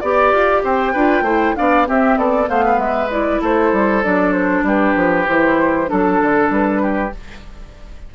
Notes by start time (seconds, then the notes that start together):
0.00 B3 G4 D5
0.32 F4
0.63 C4 C5 G5
0.92 D4 F4 B4
1.21 A3 E4 C5
1.56 B3 D4 D5 F5
1.85 C4 G4 E5
2.17 B3 A4 D5
2.46 A3 B3 C5 F5
2.64 B4
2.77 G#3 E5
3.10 E4 D5
3.41 A3 A4 C5
3.72 G3
4.03 F#3 D4 D5
4.33 C5
4.63 G3 G4 B4
4.96 F3
5.27 E3 E4 C5
5.86 F#3 D4 A4
6.22 D3
6.50 G3 B4
6.82 G4